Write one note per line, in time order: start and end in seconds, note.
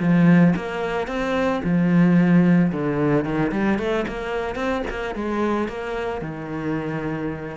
0.00 0.54 F3
0.56 1.07 A#3
1.07 1.61 C4
1.64 2.72 F3
2.72 3.25 D3
3.25 3.52 D#3
3.52 3.79 G3
3.79 4.06 A3
4.08 4.56 A#3
4.56 4.83 C4
4.90 5.15 A#3
5.15 5.69 G#3
5.69 6.22 A#3
6.22 7.57 D#3